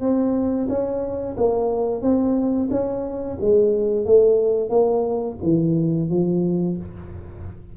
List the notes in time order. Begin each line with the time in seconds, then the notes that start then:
0.00 C4
0.68 C#4
1.37 A#3
2.01 C4
2.70 C#4
3.40 G#3
4.05 A3
4.69 A#3
5.43 E3
6.09 F3